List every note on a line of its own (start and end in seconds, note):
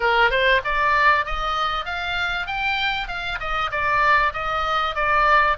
0.00 0.30 A#4
0.30 0.61 C5
0.64 1.25 D5
1.25 1.85 D#5
1.85 2.46 F5
2.46 3.08 G5
3.08 3.39 F5
3.39 3.70 D#5
3.71 4.32 D5
4.33 4.95 D#5
4.95 5.57 D5